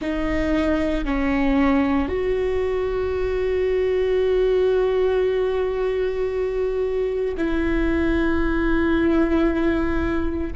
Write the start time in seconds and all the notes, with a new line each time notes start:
0.00 D#4
1.04 C#4
2.08 F#4
7.37 E4